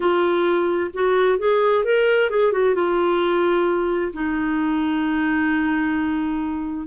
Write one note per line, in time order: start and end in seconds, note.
0.00 0.90 F4
0.93 1.38 F#4
1.38 1.84 G#4
1.84 2.29 A#4
2.29 2.52 G#4
2.52 2.75 F#4
2.75 4.12 F4
4.13 6.87 D#4